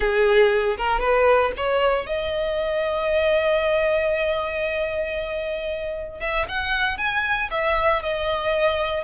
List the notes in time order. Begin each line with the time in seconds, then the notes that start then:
0.00 G#4
0.77 A#4
1.00 B4
1.56 C#5
2.06 D#5
6.20 E5
6.48 F#5
6.97 G#5
7.50 E5
8.02 D#5